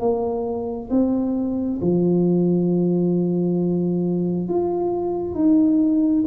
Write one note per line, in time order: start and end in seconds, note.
0.00 0.90 A#3
0.90 1.80 C4
1.82 4.49 F3
4.49 5.35 F4
5.35 6.24 D#4